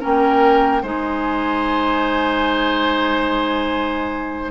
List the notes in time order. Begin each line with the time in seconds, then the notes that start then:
0.00 A#3 C#4 A#4 G5
0.83 G#3 D#4 C5 G#5